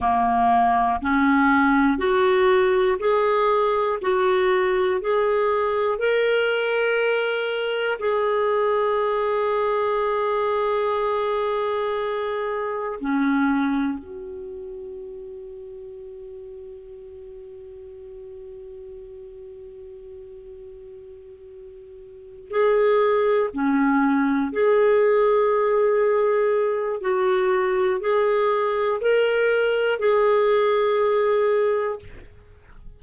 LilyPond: \new Staff \with { instrumentName = "clarinet" } { \time 4/4 \tempo 4 = 60 ais4 cis'4 fis'4 gis'4 | fis'4 gis'4 ais'2 | gis'1~ | gis'4 cis'4 fis'2~ |
fis'1~ | fis'2~ fis'8 gis'4 cis'8~ | cis'8 gis'2~ gis'8 fis'4 | gis'4 ais'4 gis'2 | }